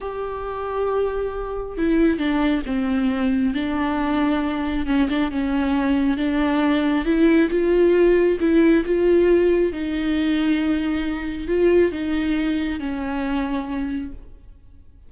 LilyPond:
\new Staff \with { instrumentName = "viola" } { \time 4/4 \tempo 4 = 136 g'1 | e'4 d'4 c'2 | d'2. cis'8 d'8 | cis'2 d'2 |
e'4 f'2 e'4 | f'2 dis'2~ | dis'2 f'4 dis'4~ | dis'4 cis'2. | }